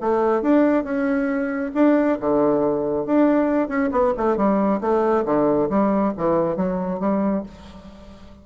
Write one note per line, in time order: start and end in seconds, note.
0.00 0.42 A3
0.42 0.84 D4
0.84 1.71 C#4
1.74 2.18 D4
2.20 3.06 D3
3.06 3.68 D4
3.68 3.90 C#4
3.91 4.13 B3
4.17 4.36 A3
4.36 4.80 G3
4.81 5.25 A3
5.25 5.69 D3
5.69 6.13 G3
6.17 6.56 E3
6.56 6.99 F#3
6.99 7.43 G3